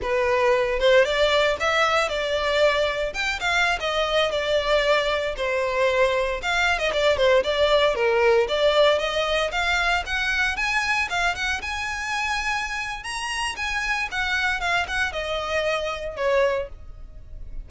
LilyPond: \new Staff \with { instrumentName = "violin" } { \time 4/4 \tempo 4 = 115 b'4. c''8 d''4 e''4 | d''2 g''8 f''8. dis''8.~ | dis''16 d''2 c''4.~ c''16~ | c''16 f''8. dis''16 d''8 c''8 d''4 ais'8.~ |
ais'16 d''4 dis''4 f''4 fis''8.~ | fis''16 gis''4 f''8 fis''8 gis''4.~ gis''16~ | gis''4 ais''4 gis''4 fis''4 | f''8 fis''8 dis''2 cis''4 | }